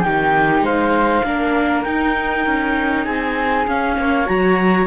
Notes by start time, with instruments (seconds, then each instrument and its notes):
0.00 cello D#3, viola D#4, flute G4, clarinet G5
0.61 cello G#3, flute C5, clarinet F5
1.24 cello A#3, viola D4, flute A#4
1.84 cello D#4, viola D#4, clarinet G5
2.46 cello C#4
3.05 cello C4, flute G#4, clarinet G#5
3.67 viola C#4, cello C#4, clarinet F5
3.97 cello A#3, flute C#5
4.26 cello F#3, viola F#4, clarinet A#5